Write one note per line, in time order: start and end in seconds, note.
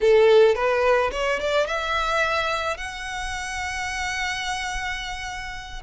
0.01 0.55 A4
0.55 1.10 B4
1.11 1.39 C#5
1.39 1.67 D5
1.67 2.77 E5
2.77 5.82 F#5